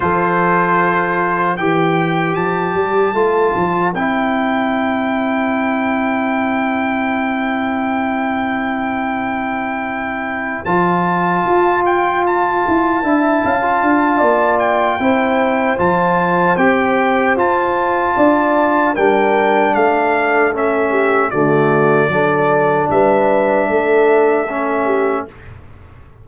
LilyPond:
<<
  \new Staff \with { instrumentName = "trumpet" } { \time 4/4 \tempo 4 = 76 c''2 g''4 a''4~ | a''4 g''2.~ | g''1~ | g''4. a''4. g''8 a''8~ |
a''2~ a''8 g''4. | a''4 g''4 a''2 | g''4 f''4 e''4 d''4~ | d''4 e''2. | }
  \new Staff \with { instrumentName = "horn" } { \time 4/4 a'2 c''2~ | c''1~ | c''1~ | c''1~ |
c''8 e''8 f''4 d''4 c''4~ | c''2. d''4 | ais'4 a'4. g'8 fis'4 | a'4 b'4 a'4. g'8 | }
  \new Staff \with { instrumentName = "trombone" } { \time 4/4 f'2 g'2 | f'4 e'2.~ | e'1~ | e'4. f'2~ f'8~ |
f'8 e'8. f'4.~ f'16 e'4 | f'4 g'4 f'2 | d'2 cis'4 a4 | d'2. cis'4 | }
  \new Staff \with { instrumentName = "tuba" } { \time 4/4 f2 e4 f8 g8 | a8 f8 c'2.~ | c'1~ | c'4. f4 f'4. |
e'8 d'8 cis'8 d'8 ais4 c'4 | f4 c'4 f'4 d'4 | g4 a2 d4 | fis4 g4 a2 | }
>>